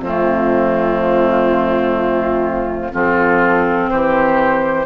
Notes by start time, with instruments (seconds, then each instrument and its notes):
0.00 bassoon F2, clarinet A3, oboe C4, flute F4
2.92 bassoon F3, clarinet C4, oboe F4, flute A4
3.89 bassoon E3, oboe G4, flute C5